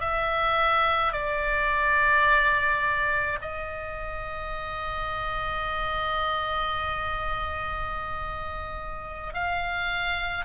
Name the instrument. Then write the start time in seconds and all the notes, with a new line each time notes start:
oboe
0.00 E5
1.12 D5
3.41 D#5
9.33 F5